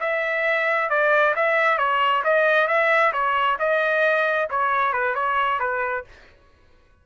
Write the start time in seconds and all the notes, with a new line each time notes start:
0.00 E5
0.90 D5
1.36 E5
1.78 C#5
2.24 D#5
2.67 E5
3.13 C#5
3.59 D#5
4.50 C#5
4.93 B4
5.15 C#5
5.59 B4